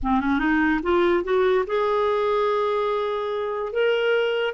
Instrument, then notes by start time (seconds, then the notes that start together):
clarinet
0.02 C4
0.20 C#4
0.39 D#4
0.82 F4
1.24 F#4
1.66 G#4
3.72 A#4